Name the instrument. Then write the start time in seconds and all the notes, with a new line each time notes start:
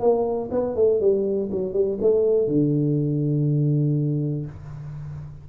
tuba
0.00 A#3
0.51 B3
0.76 A3
1.00 G3
1.52 F#3
1.73 G3
2.01 A3
2.48 D3